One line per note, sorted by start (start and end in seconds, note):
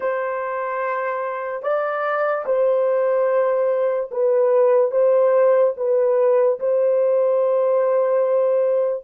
0.00 1.62 C5
1.62 2.44 D5
2.45 4.09 C5
4.11 4.91 B4
4.91 5.73 C5
5.76 6.59 B4
6.59 9.03 C5